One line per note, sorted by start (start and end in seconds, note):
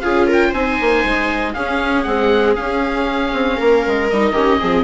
0.00 0.53 C#4
0.00 0.53 F4
0.00 0.27 G#4
0.00 0.25 F5
0.27 0.49 A#4
0.27 0.53 G5
0.49 0.78 C4
0.49 1.55 D#4
0.49 1.50 C5
0.49 1.54 G#5
0.81 1.04 A#3
1.04 1.55 G#3
1.54 2.05 C#4
1.54 2.06 C#4
1.54 3.57 G#4
1.54 2.03 F5
2.03 2.56 G#3
2.03 2.57 C4
2.03 2.54 F#5
2.55 4.09 C#4
2.55 3.33 C#4
2.55 4.08 F5
3.33 3.58 C4
3.57 3.85 A#3
3.57 4.33 A#4
3.87 4.11 G#3
4.09 4.31 G3
4.09 4.34 D#4
4.09 4.84 D#5
4.31 4.57 D#3
4.31 4.60 C#4
4.31 4.58 G4
4.60 4.84 F3
4.60 4.84 C4
4.60 4.84 G#4